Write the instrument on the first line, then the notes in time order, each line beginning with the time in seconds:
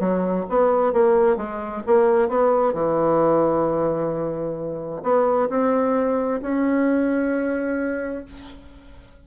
bassoon
0.00 F#3
0.50 B3
0.93 A#3
1.37 G#3
1.87 A#3
2.29 B3
2.73 E3
5.03 B3
5.50 C4
6.42 C#4